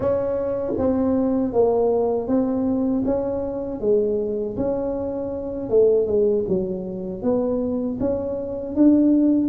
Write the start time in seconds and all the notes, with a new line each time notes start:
0.00 C#4
0.77 C4
1.53 A#3
2.27 C4
3.05 C#4
3.80 G#3
4.56 C#4
5.69 A3
6.07 G#3
6.48 F#3
7.22 B3
8.00 C#4
8.75 D4